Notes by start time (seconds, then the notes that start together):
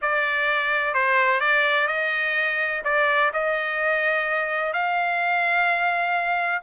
0.01 D5
0.93 C5
1.40 D5
1.87 D#5
2.84 D5
3.33 D#5
4.73 F5